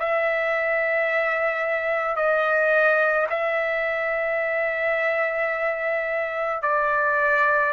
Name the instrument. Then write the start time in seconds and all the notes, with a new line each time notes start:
trumpet
0.00 E5
2.16 D#5
3.30 E5
6.62 D5